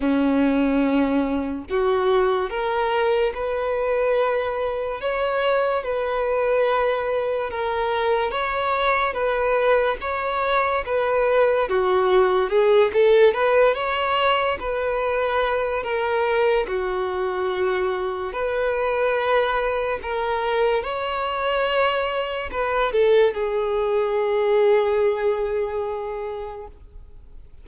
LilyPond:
\new Staff \with { instrumentName = "violin" } { \time 4/4 \tempo 4 = 72 cis'2 fis'4 ais'4 | b'2 cis''4 b'4~ | b'4 ais'4 cis''4 b'4 | cis''4 b'4 fis'4 gis'8 a'8 |
b'8 cis''4 b'4. ais'4 | fis'2 b'2 | ais'4 cis''2 b'8 a'8 | gis'1 | }